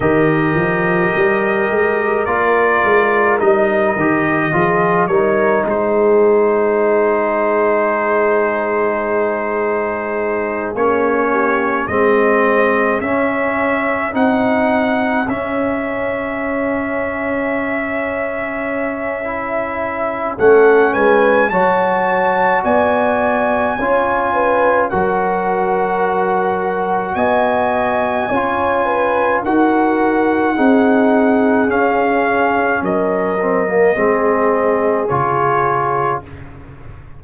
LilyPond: <<
  \new Staff \with { instrumentName = "trumpet" } { \time 4/4 \tempo 4 = 53 dis''2 d''4 dis''4~ | dis''8 cis''8 c''2.~ | c''4. cis''4 dis''4 e''8~ | e''8 fis''4 e''2~ e''8~ |
e''2 fis''8 gis''8 a''4 | gis''2 fis''2 | gis''2 fis''2 | f''4 dis''2 cis''4 | }
  \new Staff \with { instrumentName = "horn" } { \time 4/4 ais'1 | gis'8 ais'8 gis'2.~ | gis'2 g'8 gis'4.~ | gis'1~ |
gis'2 a'8 b'8 cis''4 | d''4 cis''8 b'8 ais'2 | dis''4 cis''8 b'8 ais'4 gis'4~ | gis'4 ais'4 gis'2 | }
  \new Staff \with { instrumentName = "trombone" } { \time 4/4 g'2 f'4 dis'8 g'8 | f'8 dis'2.~ dis'8~ | dis'4. cis'4 c'4 cis'8~ | cis'8 dis'4 cis'2~ cis'8~ |
cis'4 e'4 cis'4 fis'4~ | fis'4 f'4 fis'2~ | fis'4 f'4 fis'4 dis'4 | cis'4. c'16 ais16 c'4 f'4 | }
  \new Staff \with { instrumentName = "tuba" } { \time 4/4 dis8 f8 g8 gis8 ais8 gis8 g8 dis8 | f8 g8 gis2.~ | gis4. ais4 gis4 cis'8~ | cis'8 c'4 cis'2~ cis'8~ |
cis'2 a8 gis8 fis4 | b4 cis'4 fis2 | b4 cis'4 dis'4 c'4 | cis'4 fis4 gis4 cis4 | }
>>